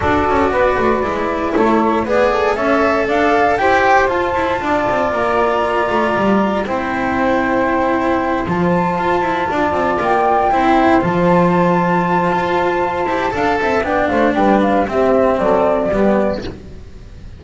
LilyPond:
<<
  \new Staff \with { instrumentName = "flute" } { \time 4/4 \tempo 4 = 117 d''2. cis''4 | b'8 a'8 e''4 f''4 g''4 | a''2 ais''2~ | ais''4 g''2.~ |
g''8 a''2. g''8~ | g''4. a''2~ a''8~ | a''2. g''8 f''8 | g''8 f''8 e''4 d''2 | }
  \new Staff \with { instrumentName = "saxophone" } { \time 4/4 a'4 b'2 a'4 | d''4 cis''4 d''4 c''4~ | c''4 d''2.~ | d''4 c''2.~ |
c''2~ c''8 d''4.~ | d''8 c''2.~ c''8~ | c''2 f''8 e''8 d''8 c''8 | b'4 g'4 a'4 g'4 | }
  \new Staff \with { instrumentName = "cello" } { \time 4/4 fis'2 e'2 | gis'4 a'2 g'4 | f'1~ | f'4 e'2.~ |
e'8 f'2.~ f'8~ | f'8 e'4 f'2~ f'8~ | f'4. g'8 a'4 d'4~ | d'4 c'2 b4 | }
  \new Staff \with { instrumentName = "double bass" } { \time 4/4 d'8 cis'8 b8 a8 gis4 a4 | b4 cis'4 d'4 e'4 | f'8 e'8 d'8 c'8 ais4. a8 | g4 c'2.~ |
c'8 f4 f'8 e'8 d'8 c'8 ais8~ | ais8 c'4 f2~ f8 | f'4. e'8 d'8 c'8 b8 a8 | g4 c'4 fis4 g4 | }
>>